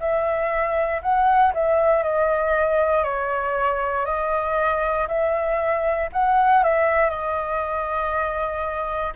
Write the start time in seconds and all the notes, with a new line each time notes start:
0.00 E5
1.02 F#5
1.54 E5
2.03 D#5
3.04 C#5
4.06 D#5
5.08 E5
6.12 F#5
6.64 E5
7.10 D#5